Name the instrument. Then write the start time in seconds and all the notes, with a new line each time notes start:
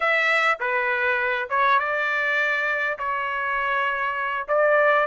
trumpet
0.00 E5
0.59 B4
1.49 C#5
1.79 D5
2.98 C#5
4.47 D5